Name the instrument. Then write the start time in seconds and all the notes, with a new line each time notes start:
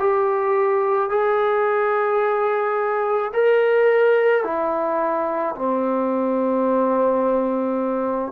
trombone
0.00 G4
1.10 G#4
3.34 A#4
4.44 E4
5.56 C4